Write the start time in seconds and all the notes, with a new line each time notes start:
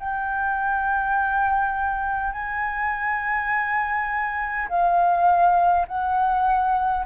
0.00 G5
2.33 G#5
4.69 F5
5.88 F#5